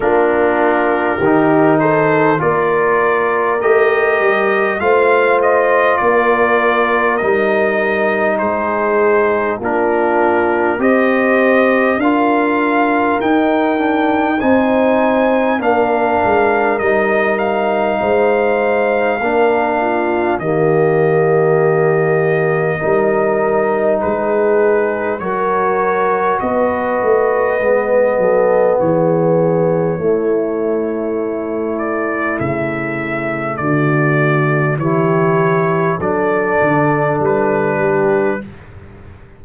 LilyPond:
<<
  \new Staff \with { instrumentName = "trumpet" } { \time 4/4 \tempo 4 = 50 ais'4. c''8 d''4 dis''4 | f''8 dis''8 d''4 dis''4 c''4 | ais'4 dis''4 f''4 g''4 | gis''4 f''4 dis''8 f''4.~ |
f''4 dis''2. | b'4 cis''4 dis''2 | cis''2~ cis''8 d''8 e''4 | d''4 cis''4 d''4 b'4 | }
  \new Staff \with { instrumentName = "horn" } { \time 4/4 f'4 g'8 a'8 ais'2 | c''4 ais'2 gis'4 | f'4 c''4 ais'2 | c''4 ais'2 c''4 |
ais'8 f'8 g'2 ais'4 | gis'4 ais'4 b'4. a'8 | gis'4 e'2. | fis'4 g'4 a'4. g'8 | }
  \new Staff \with { instrumentName = "trombone" } { \time 4/4 d'4 dis'4 f'4 g'4 | f'2 dis'2 | d'4 g'4 f'4 dis'8 d'8 | dis'4 d'4 dis'2 |
d'4 ais2 dis'4~ | dis'4 fis'2 b4~ | b4 a2.~ | a4 e'4 d'2 | }
  \new Staff \with { instrumentName = "tuba" } { \time 4/4 ais4 dis4 ais4 a8 g8 | a4 ais4 g4 gis4 | ais4 c'4 d'4 dis'4 | c'4 ais8 gis8 g4 gis4 |
ais4 dis2 g4 | gis4 fis4 b8 a8 gis8 fis8 | e4 a2 cis4 | d4 e4 fis8 d8 g4 | }
>>